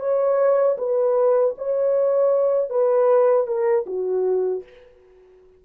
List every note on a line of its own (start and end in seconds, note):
0.00 0.77 C#5
0.78 1.55 B4
1.58 2.70 C#5
2.70 3.47 B4
3.47 3.86 A#4
3.87 4.64 F#4